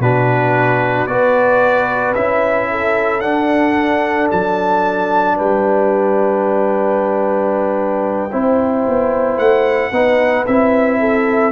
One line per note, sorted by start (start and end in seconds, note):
0.00 1.07 B2
0.00 1.08 D4
0.00 1.09 F#4
0.00 1.07 B4
1.07 2.14 B3
1.07 2.16 F#4
1.07 2.71 B4
1.07 2.14 D5
2.15 3.23 C#4
2.15 3.22 E4
2.15 3.21 E5
2.71 5.36 A4
3.21 8.31 D4
3.21 4.30 D4
3.21 4.28 F#5
4.31 5.40 F#3
4.31 5.38 A5
5.36 8.33 G3
5.36 8.31 B4
5.36 9.38 G5
8.32 8.87 C4
8.32 9.93 E4
8.32 9.93 C5
8.88 9.37 B3
9.37 9.91 A3
9.37 10.46 F#5
9.92 10.45 B3
9.92 10.46 D#4
9.92 11.00 B4
10.47 11.52 C4
10.47 11.52 E4
10.47 11.52 E5
11.00 11.52 A4